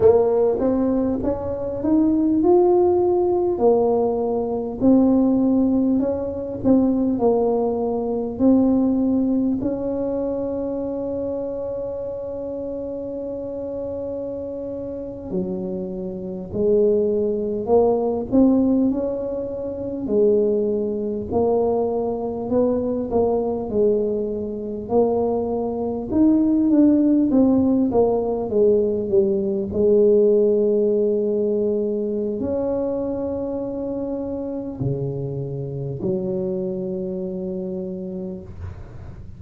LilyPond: \new Staff \with { instrumentName = "tuba" } { \time 4/4 \tempo 4 = 50 ais8 c'8 cis'8 dis'8 f'4 ais4 | c'4 cis'8 c'8 ais4 c'4 | cis'1~ | cis'8. fis4 gis4 ais8 c'8 cis'16~ |
cis'8. gis4 ais4 b8 ais8 gis16~ | gis8. ais4 dis'8 d'8 c'8 ais8 gis16~ | gis16 g8 gis2~ gis16 cis'4~ | cis'4 cis4 fis2 | }